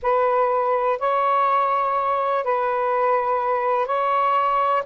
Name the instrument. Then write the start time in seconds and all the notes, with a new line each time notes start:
saxophone
0.02 B4
0.99 C#5
2.44 B4
3.85 C#5